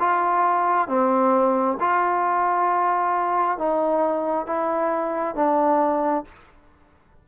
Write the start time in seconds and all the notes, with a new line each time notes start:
0.00 F4
0.88 C4
1.80 F4
3.58 D#4
4.47 E4
5.35 D4